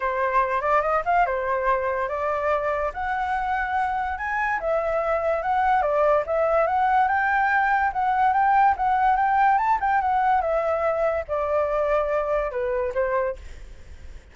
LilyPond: \new Staff \with { instrumentName = "flute" } { \time 4/4 \tempo 4 = 144 c''4. d''8 dis''8 f''8 c''4~ | c''4 d''2 fis''4~ | fis''2 gis''4 e''4~ | e''4 fis''4 d''4 e''4 |
fis''4 g''2 fis''4 | g''4 fis''4 g''4 a''8 g''8 | fis''4 e''2 d''4~ | d''2 b'4 c''4 | }